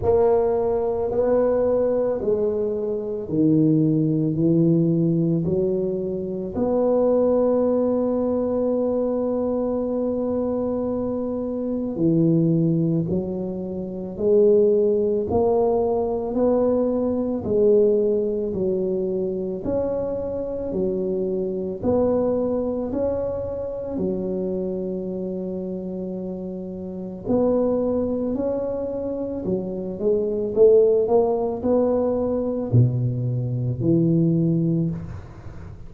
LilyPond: \new Staff \with { instrumentName = "tuba" } { \time 4/4 \tempo 4 = 55 ais4 b4 gis4 dis4 | e4 fis4 b2~ | b2. e4 | fis4 gis4 ais4 b4 |
gis4 fis4 cis'4 fis4 | b4 cis'4 fis2~ | fis4 b4 cis'4 fis8 gis8 | a8 ais8 b4 b,4 e4 | }